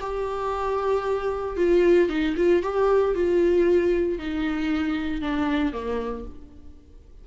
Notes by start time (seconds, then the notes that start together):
0.00 G4
1.56 F4
2.09 D#4
2.36 F4
2.62 G4
3.14 F4
4.18 D#4
5.21 D4
5.72 A#3